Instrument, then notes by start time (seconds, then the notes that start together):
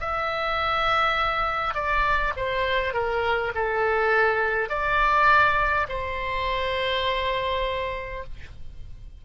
oboe
0.00 E5
1.75 D5
2.37 C5
2.94 A#4
3.56 A4
4.70 D5
5.89 C5